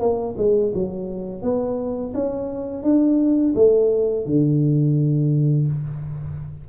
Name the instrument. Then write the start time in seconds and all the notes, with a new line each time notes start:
tuba
0.00 A#3
0.38 G#3
0.74 F#3
1.43 B3
2.14 C#4
2.83 D4
3.56 A3
4.26 D3